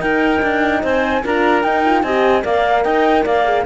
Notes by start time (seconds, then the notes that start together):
0.00 D#4 A#4 G5
0.42 D4
0.82 C4 C5 G#5
1.24 D4 F4 A#4 A#5
1.63 D#4 G5
1.85 F4
2.02 C4 G4 D#5 G#5
2.42 A#3 A#4 D5 F5
2.83 D#4 D#5 G5
3.24 A#3 D5 F5
3.45 G#4